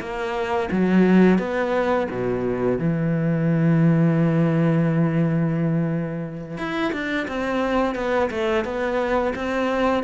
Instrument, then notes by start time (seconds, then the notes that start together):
cello
0.00 A#3
0.71 F#3
1.38 B3
2.10 B2
2.78 E3
6.57 E4
6.92 D4
7.28 C4
7.95 B3
8.30 A3
8.64 B3
9.35 C4